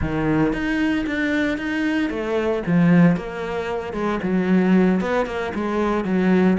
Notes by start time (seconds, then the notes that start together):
0.01 D#3
0.52 D#4
1.06 D4
1.57 D#4
2.10 A3
2.66 F3
3.16 A#3
3.93 G#3
4.22 F#3
5.00 B3
5.26 A#3
5.54 G#3
6.04 F#3